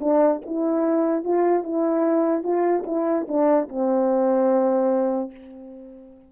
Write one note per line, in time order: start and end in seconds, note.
0.00 0.41 D4
0.46 1.24 E4
1.24 1.64 F4
1.64 2.43 E4
2.43 2.84 F4
2.86 3.27 E4
3.28 3.68 D4
3.69 5.31 C4